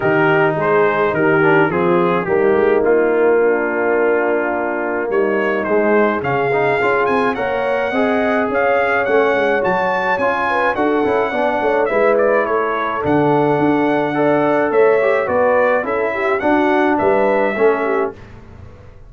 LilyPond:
<<
  \new Staff \with { instrumentName = "trumpet" } { \time 4/4 \tempo 4 = 106 ais'4 c''4 ais'4 gis'4 | g'4 f'2.~ | f'4 cis''4 c''4 f''4~ | f''8 gis''8 fis''2 f''4 |
fis''4 a''4 gis''4 fis''4~ | fis''4 e''8 d''8 cis''4 fis''4~ | fis''2 e''4 d''4 | e''4 fis''4 e''2 | }
  \new Staff \with { instrumentName = "horn" } { \time 4/4 g'4 gis'4 g'4 f'4 | dis'2 d'2~ | d'4 dis'2 gis'4~ | gis'4 cis''4 dis''4 cis''4~ |
cis''2~ cis''8 b'8 a'4 | d''8 cis''8 b'4 a'2~ | a'4 d''4 cis''4 b'4 | a'8 g'8 fis'4 b'4 a'8 g'8 | }
  \new Staff \with { instrumentName = "trombone" } { \time 4/4 dis'2~ dis'8 d'8 c'4 | ais1~ | ais2 gis4 cis'8 dis'8 | f'4 ais'4 gis'2 |
cis'4 fis'4 f'4 fis'8 e'8 | d'4 e'2 d'4~ | d'4 a'4. g'8 fis'4 | e'4 d'2 cis'4 | }
  \new Staff \with { instrumentName = "tuba" } { \time 4/4 dis4 gis4 dis4 f4 | g8 gis8 ais2.~ | ais4 g4 gis4 cis4 | cis'8 c'8 ais4 c'4 cis'4 |
a8 gis8 fis4 cis'4 d'8 cis'8 | b8 a8 gis4 a4 d4 | d'2 a4 b4 | cis'4 d'4 g4 a4 | }
>>